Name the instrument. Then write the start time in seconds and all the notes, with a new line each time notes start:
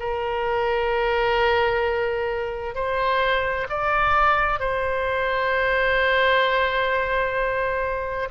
oboe
0.00 A#4
2.75 C5
3.70 D5
4.60 C5